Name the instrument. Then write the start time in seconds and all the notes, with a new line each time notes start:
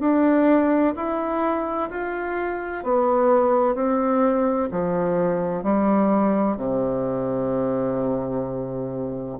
bassoon
0.00 D4
0.96 E4
1.90 F4
2.83 B3
3.75 C4
4.71 F3
5.63 G3
6.57 C3